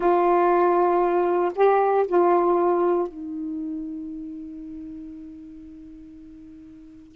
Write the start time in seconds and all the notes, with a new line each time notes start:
0.00 F4
1.55 G4
2.07 F4
3.07 D#4